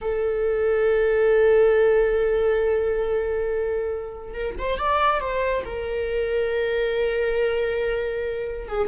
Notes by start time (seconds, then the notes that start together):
0.01 A4
4.33 A#4
4.58 C5
4.78 D5
5.20 C5
5.65 A#4
8.68 G#4